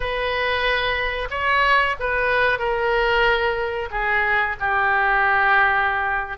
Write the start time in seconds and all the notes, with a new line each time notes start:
0.00 B4
1.30 C#5
1.99 B4
2.58 A#4
3.90 G#4
4.59 G4